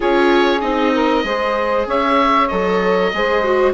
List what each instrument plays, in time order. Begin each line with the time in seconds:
0.00 bassoon C#4, viola F4, saxophone G#4, oboe C#5
0.61 bassoon C4, viola D#4, oboe D#5
0.93 saxophone A#4
1.23 bassoon G#3, viola G#4, saxophone C5
1.86 bassoon C#4, saxophone C#5, oboe E5
2.48 bassoon F#3, viola A4, oboe D#5
3.13 bassoon G#3, viola G#4, saxophone C5
3.44 viola F#4